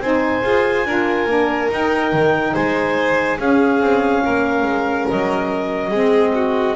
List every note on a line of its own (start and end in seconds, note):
0.00 0.42 C4
0.00 0.43 D#4
0.00 0.86 C5
0.00 1.70 G#5
0.43 0.85 F4
0.43 0.85 G#4
0.85 1.26 D4
0.85 1.28 F4
0.85 2.54 A#4
1.26 1.68 A#3
1.26 1.70 D4
1.71 2.12 D#4
1.71 3.38 D#4
1.71 2.54 G5
2.12 2.54 D#3
2.54 3.39 G#3
2.54 3.38 C5
2.54 3.39 G#5
3.38 5.91 C#4
3.38 3.80 C#4
3.38 4.23 G#4
3.38 5.08 F5
3.80 4.22 C4
4.24 4.62 A#3
4.24 5.89 A#4
4.62 5.04 G#3
5.09 5.91 F#3
5.09 6.76 D#5
5.89 6.75 G#3
5.89 6.76 C4
5.89 6.31 G#4
6.34 6.76 F#4